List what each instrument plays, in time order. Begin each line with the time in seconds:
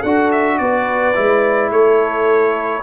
0.00 tuba D4, trombone F#4, horn A4, trumpet F#5
0.32 trumpet E5
0.58 tuba B3, horn B4, trumpet D5
1.14 tuba G#3, trombone E4
1.71 tuba A3, horn A4, trumpet C#5